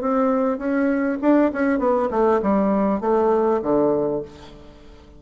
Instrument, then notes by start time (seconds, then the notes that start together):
bassoon
0.00 C4
0.58 C#4
1.21 D4
1.52 C#4
1.79 B3
2.11 A3
2.42 G3
3.00 A3
3.62 D3